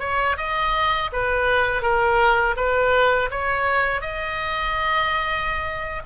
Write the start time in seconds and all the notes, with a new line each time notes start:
0.00 C#5
0.37 D#5
1.13 B4
1.82 A#4
2.56 B4
3.31 C#5
4.01 D#5